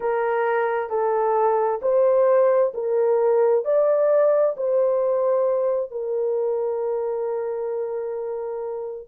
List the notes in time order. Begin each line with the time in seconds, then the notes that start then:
0.00 A#4
0.89 A4
1.82 C5
2.74 A#4
3.64 D5
4.56 C5
5.90 A#4